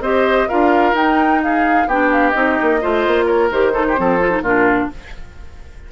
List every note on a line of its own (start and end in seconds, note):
0.00 0.47 C4
0.00 0.49 G4
0.00 0.48 C5
0.00 0.48 D#5
0.48 0.93 D4
0.48 0.95 F4
0.48 1.41 A#4
0.48 0.95 F5
0.93 1.86 D#4
0.93 1.88 D#4
0.93 1.42 G5
1.43 1.88 G#4
1.43 1.88 F5
1.87 2.34 B3
1.87 2.34 D4
1.87 2.81 G4
1.87 2.11 G5
2.12 2.30 F5
2.30 2.58 C4
2.30 2.80 D#4
2.30 3.23 D#5
2.61 2.83 A#3
2.81 3.06 A3
2.81 3.51 F4
2.81 3.26 C5
3.06 3.51 A#3
3.26 3.72 A#4
3.26 3.49 C#5
3.51 3.97 D#3
3.51 3.73 G4
3.51 4.43 C5
3.73 3.96 D#4
3.73 3.85 A4
3.88 4.00 G4
3.96 4.41 F3
3.96 4.19 C4
3.96 4.43 A4
4.20 4.31 F4
4.31 4.42 D#4
4.41 4.87 A#2
4.41 4.92 D4
4.41 4.89 F4
4.41 4.90 A#4